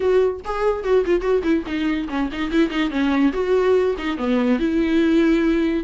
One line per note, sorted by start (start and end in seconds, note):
0.00 0.40 F#4
0.44 0.84 G#4
0.84 1.04 F#4
1.05 1.21 F4
1.21 1.42 F#4
1.43 1.64 E4
1.66 2.08 D#4
2.08 2.29 C#4
2.32 2.51 D#4
2.51 2.70 E4
2.70 2.90 D#4
2.90 3.32 C#4
3.33 3.95 F#4
3.98 4.17 D#4
4.17 4.59 B3
4.59 5.84 E4